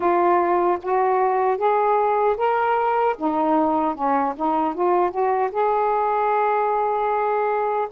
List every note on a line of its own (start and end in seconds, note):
0.00 0.78 F4
0.82 1.57 F#4
1.57 2.36 G#4
2.37 3.16 A#4
3.18 3.94 D#4
3.94 4.34 C#4
4.36 4.74 D#4
4.74 5.10 F4
5.10 5.50 F#4
5.51 7.88 G#4